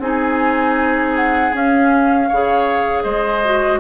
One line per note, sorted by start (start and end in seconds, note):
0.00 1.52 C4
0.00 1.53 D#4
0.00 2.29 G#4
0.00 1.16 G#5
1.16 1.54 F#5
1.53 2.29 C#4
1.53 2.30 C#4
1.53 3.03 F5
2.29 3.05 C#3
2.29 3.45 G#4
2.29 3.04 C#5
3.03 3.81 G#3
3.03 3.80 C5
3.03 3.79 D#5
3.45 3.81 F#4